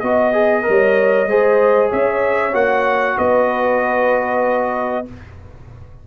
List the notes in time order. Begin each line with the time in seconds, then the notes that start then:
0.00 B3 F#4 D#5
0.33 G#4
0.63 G3 A#4 C#5
1.26 G#3 G#4 C5
1.90 C#4 C#5 E5
2.53 A#3 F#4 F#5
3.17 B3 B4 D#5